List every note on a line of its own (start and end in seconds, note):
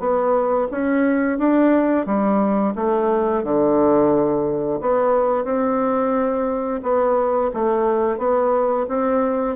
0.00 0.68 B3
0.71 1.39 C#4
1.39 2.06 D4
2.06 2.75 G3
2.76 3.44 A3
3.44 4.80 D3
4.81 5.45 B3
5.45 6.81 C4
6.83 7.51 B3
7.54 8.18 A3
8.18 8.87 B3
8.89 9.56 C4